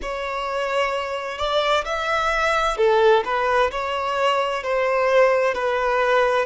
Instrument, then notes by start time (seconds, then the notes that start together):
violin
0.02 C#5
1.38 D5
1.85 E5
2.77 A4
3.24 B4
3.71 C#5
4.63 C5
5.54 B4